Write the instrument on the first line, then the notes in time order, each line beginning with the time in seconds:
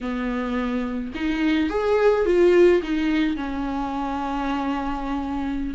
viola
0.00 B3
1.14 D#4
1.69 G#4
2.25 F4
2.82 D#4
3.36 C#4